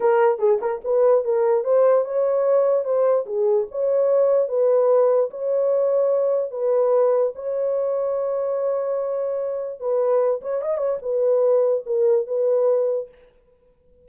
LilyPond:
\new Staff \with { instrumentName = "horn" } { \time 4/4 \tempo 4 = 147 ais'4 gis'8 ais'8 b'4 ais'4 | c''4 cis''2 c''4 | gis'4 cis''2 b'4~ | b'4 cis''2. |
b'2 cis''2~ | cis''1 | b'4. cis''8 dis''8 cis''8 b'4~ | b'4 ais'4 b'2 | }